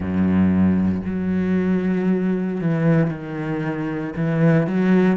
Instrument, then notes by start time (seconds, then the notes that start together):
cello
0.00 F#2
1.05 F#3
2.61 E3
3.10 D#3
4.16 E3
4.66 F#3